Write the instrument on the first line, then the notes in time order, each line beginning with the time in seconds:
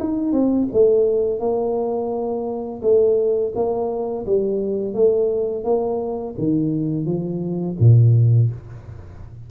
tuba
0.00 D#4
0.33 C4
0.73 A3
1.40 A#3
2.82 A3
3.55 A#3
4.26 G3
4.94 A3
5.64 A#3
6.38 D#3
7.06 F3
7.80 A#2